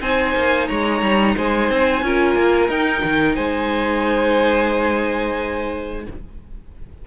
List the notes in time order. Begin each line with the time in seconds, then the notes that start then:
0.00 C4 D#4 C5 G#5
0.35 A#3
0.67 G#3 C#5 A#5
1.01 G3
1.36 G#3 C5 G#5
1.69 C4
2.02 C#4 F4 A#4
2.35 A#3
2.68 D#4 G5
3.03 D#3
3.35 G#3 C5 G#5